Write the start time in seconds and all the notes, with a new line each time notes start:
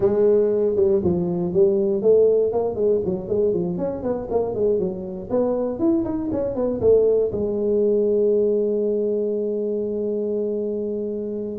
0.00 G#3
0.75 G3
1.03 F3
1.53 G3
2.02 A3
2.52 A#3
2.75 G#3
3.05 F#3
3.28 G#3
3.53 F3
3.77 C#4
4.02 B3
4.30 A#3
4.54 G#3
4.79 F#3
5.30 B3
5.79 E4
6.04 D#4
6.32 C#4
6.55 B3
6.81 A3
7.32 G#3